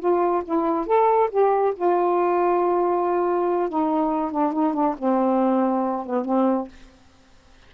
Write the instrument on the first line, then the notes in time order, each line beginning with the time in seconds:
saxophone
0.00 F4
0.45 E4
0.87 A4
1.31 G4
1.76 F4
3.69 D#4
4.31 D4
4.53 D#4
4.74 D4
4.98 C4
6.06 B3
6.25 C4